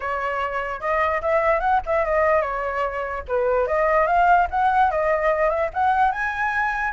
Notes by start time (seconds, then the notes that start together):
0.00 C#5
0.80 D#5
1.21 E5
1.59 F#5
1.86 E5
2.05 D#5
2.41 C#5
3.28 B4
3.67 D#5
4.06 F5
4.50 F#5
4.90 D#5
5.49 E5
5.73 F#5
6.11 G#5